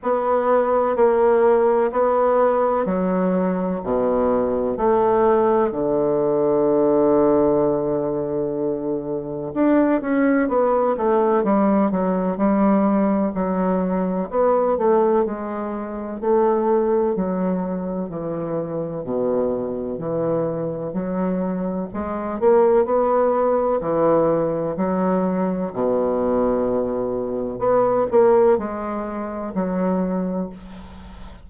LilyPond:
\new Staff \with { instrumentName = "bassoon" } { \time 4/4 \tempo 4 = 63 b4 ais4 b4 fis4 | b,4 a4 d2~ | d2 d'8 cis'8 b8 a8 | g8 fis8 g4 fis4 b8 a8 |
gis4 a4 fis4 e4 | b,4 e4 fis4 gis8 ais8 | b4 e4 fis4 b,4~ | b,4 b8 ais8 gis4 fis4 | }